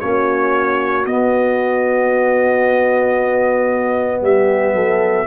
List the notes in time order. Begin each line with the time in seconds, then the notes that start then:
0.00 A#3 C#4 F#4 C#5
1.05 B3 D#5
4.21 G3 G4 E5
4.72 F#3 A4